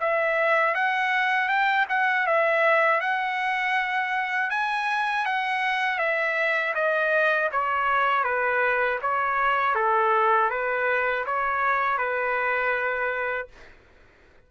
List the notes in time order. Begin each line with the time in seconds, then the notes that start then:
0.00 E5
0.74 F#5
1.48 G5
1.89 F#5
2.26 E5
3.00 F#5
4.50 G#5
5.25 F#5
5.98 E5
6.74 D#5
7.51 C#5
8.24 B4
9.01 C#5
9.75 A4
10.50 B4
11.26 C#5
11.98 B4